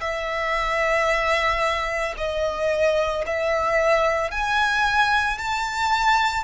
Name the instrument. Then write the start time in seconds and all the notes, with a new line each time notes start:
violin
0.00 E5
2.17 D#5
3.26 E5
4.31 G#5
5.38 A5